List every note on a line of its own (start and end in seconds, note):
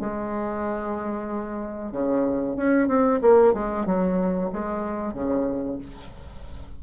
0.00 1.92 G#3
1.92 2.57 C#3
2.57 2.88 C#4
2.88 3.20 C4
3.21 3.54 A#3
3.54 3.86 G#3
3.86 4.50 F#3
4.53 5.14 G#3
5.14 5.78 C#3